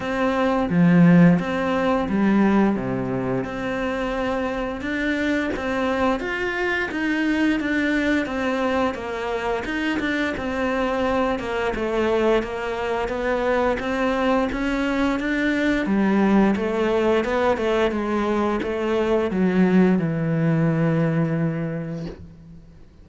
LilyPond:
\new Staff \with { instrumentName = "cello" } { \time 4/4 \tempo 4 = 87 c'4 f4 c'4 g4 | c4 c'2 d'4 | c'4 f'4 dis'4 d'4 | c'4 ais4 dis'8 d'8 c'4~ |
c'8 ais8 a4 ais4 b4 | c'4 cis'4 d'4 g4 | a4 b8 a8 gis4 a4 | fis4 e2. | }